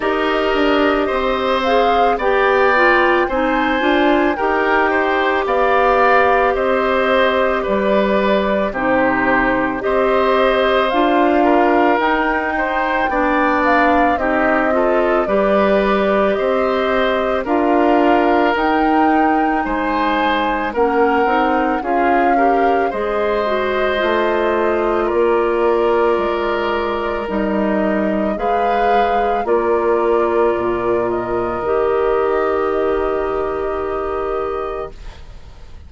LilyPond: <<
  \new Staff \with { instrumentName = "flute" } { \time 4/4 \tempo 4 = 55 dis''4. f''8 g''4 gis''4 | g''4 f''4 dis''4 d''4 | c''4 dis''4 f''4 g''4~ | g''8 f''8 dis''4 d''4 dis''4 |
f''4 g''4 gis''4 fis''4 | f''4 dis''2 d''4~ | d''4 dis''4 f''4 d''4~ | d''8 dis''2.~ dis''8 | }
  \new Staff \with { instrumentName = "oboe" } { \time 4/4 ais'4 c''4 d''4 c''4 | ais'8 c''8 d''4 c''4 b'4 | g'4 c''4. ais'4 c''8 | d''4 g'8 a'8 b'4 c''4 |
ais'2 c''4 ais'4 | gis'8 ais'8 c''2 ais'4~ | ais'2 b'4 ais'4~ | ais'1 | }
  \new Staff \with { instrumentName = "clarinet" } { \time 4/4 g'4. gis'8 g'8 f'8 dis'8 f'8 | g'1 | dis'4 g'4 f'4 dis'4 | d'4 dis'8 f'8 g'2 |
f'4 dis'2 cis'8 dis'8 | f'8 g'8 gis'8 fis'8 f'2~ | f'4 dis'4 gis'4 f'4~ | f'4 g'2. | }
  \new Staff \with { instrumentName = "bassoon" } { \time 4/4 dis'8 d'8 c'4 b4 c'8 d'8 | dis'4 b4 c'4 g4 | c4 c'4 d'4 dis'4 | b4 c'4 g4 c'4 |
d'4 dis'4 gis4 ais8 c'8 | cis'4 gis4 a4 ais4 | gis4 g4 gis4 ais4 | ais,4 dis2. | }
>>